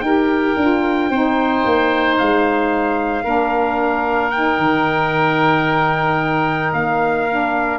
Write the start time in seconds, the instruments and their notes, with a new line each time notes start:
0.00 tuba D#4, saxophone G4, oboe A#4, trumpet G5
0.56 tuba D4, saxophone F4
1.10 tuba C4, saxophone D#4, oboe C5
1.65 tuba A#3
2.18 tuba G#3, trumpet F5
3.23 tuba A#3, saxophone D4, oboe A#4
4.31 saxophone D#4, trumpet G5
4.58 tuba D#3
6.73 tuba A#3, trumpet F5
7.28 saxophone D4